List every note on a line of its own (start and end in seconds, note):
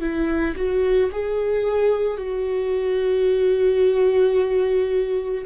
0.00 0.55 E4
0.56 1.10 F#4
1.11 2.17 G#4
2.17 5.44 F#4